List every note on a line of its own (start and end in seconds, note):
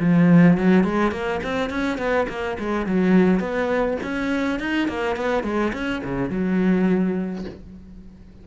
0.00 0.58 F3
0.58 0.84 F#3
0.84 1.11 G#3
1.11 1.40 A#3
1.43 1.70 C4
1.70 1.98 C#4
1.98 2.27 B3
2.28 2.57 A#3
2.59 2.86 G#3
2.86 3.40 F#3
3.40 3.98 B3
4.03 4.60 C#4
4.60 4.88 D#4
4.88 5.16 A#3
5.16 5.44 B3
5.44 5.72 G#3
5.73 6.02 C#4
6.04 6.30 C#3
6.30 7.45 F#3